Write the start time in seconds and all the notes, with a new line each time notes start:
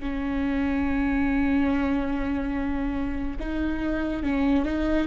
0.00 C#4
3.40 D#4
4.23 C#4
4.65 D#4